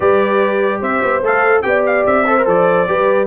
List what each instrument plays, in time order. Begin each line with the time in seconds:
0.00 tuba G3, trombone G4, horn B4, trumpet D5
0.80 tuba C4, horn C5, trumpet E5
1.02 tuba B3
1.22 tuba A3, trombone A4, trumpet F5
1.62 tuba B3, trombone G4, horn D5, trumpet G5
1.86 trumpet F5
2.06 tuba C4, trumpet E5
2.26 trombone A4, horn C5
2.37 trombone A#4
2.45 tuba F3, trombone A4, trumpet D5
2.87 tuba G3, trombone G4, horn B4